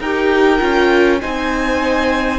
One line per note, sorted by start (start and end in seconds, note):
0.00 0.60 D#4
0.00 0.60 G4
0.00 1.20 A#4
0.00 1.21 G5
0.60 1.22 C#4
0.60 1.20 F4
1.21 2.39 C4
1.21 2.39 D#4
1.21 2.39 C5
1.21 2.39 G#5